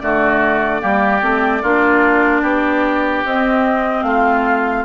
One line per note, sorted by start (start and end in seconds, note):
0.00 0.83 D3
0.00 0.80 A3
0.00 0.82 F#4
0.00 3.24 D5
0.80 1.22 G3
0.80 1.21 A#3
0.80 1.62 G4
1.22 1.63 A3
1.22 1.62 C4
1.62 2.43 A#3
1.62 3.26 D4
1.62 2.42 F4
2.42 3.24 B3
2.42 4.04 G4
3.25 4.03 C4
3.25 4.86 C4
3.25 4.03 D#5
4.03 4.84 A3
4.03 4.86 F4
4.03 4.84 F5